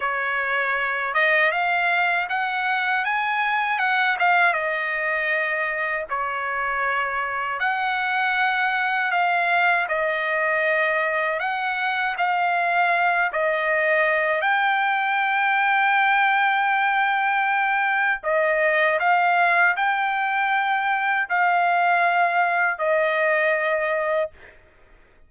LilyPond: \new Staff \with { instrumentName = "trumpet" } { \time 4/4 \tempo 4 = 79 cis''4. dis''8 f''4 fis''4 | gis''4 fis''8 f''8 dis''2 | cis''2 fis''2 | f''4 dis''2 fis''4 |
f''4. dis''4. g''4~ | g''1 | dis''4 f''4 g''2 | f''2 dis''2 | }